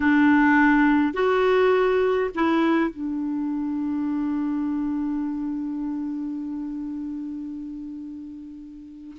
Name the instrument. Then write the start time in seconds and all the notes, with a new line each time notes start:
clarinet
0.00 D4
1.13 F#4
2.35 E4
2.90 D4